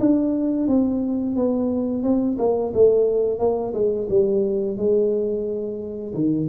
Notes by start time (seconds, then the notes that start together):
0.00 D4
0.68 C4
1.36 B3
2.03 C4
2.39 A#3
2.74 A3
3.39 A#3
3.74 G#3
4.10 G3
4.77 G#3
6.14 D#3